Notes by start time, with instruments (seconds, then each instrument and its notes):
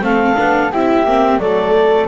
0.00 double bass A3, viola C4, flute A4, clarinet F5
0.36 double bass B3, viola D4
0.72 double bass C4, viola E4, flute G4, clarinet E5
1.04 double bass A#3, viola C4
1.38 double bass F#3, viola A3, flute A4, clarinet D5